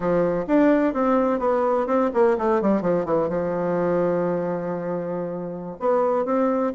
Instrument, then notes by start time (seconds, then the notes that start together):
bassoon
0.00 F3
0.47 D4
0.93 C4
1.39 B3
1.87 C4
2.13 A#3
2.38 A3
2.61 G3
2.81 F3
3.05 E3
3.28 F3
5.79 B3
6.25 C4